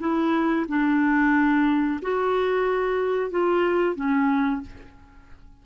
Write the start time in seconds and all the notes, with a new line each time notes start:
0.00 E4
0.69 D4
2.02 F#4
3.31 F4
3.96 C#4